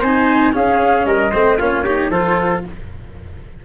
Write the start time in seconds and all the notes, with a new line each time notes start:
0.00 C4 D#4 C5 G#5
0.53 C#4 G#4 F5
1.05 G3 A#4 D#5
1.31 A3 C4 C5
1.58 A#3 C#4 F4 C#5
1.84 D#4 G4
2.10 F3 F4 A4 C5